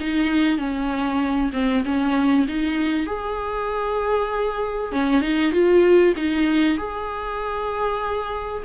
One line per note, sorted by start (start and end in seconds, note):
0.00 0.58 D#4
0.58 1.51 C#4
1.53 1.84 C4
1.85 2.47 C#4
2.48 3.06 D#4
3.06 4.92 G#4
4.92 5.21 C#4
5.21 5.52 D#4
5.52 6.14 F4
6.16 6.78 D#4
6.78 8.63 G#4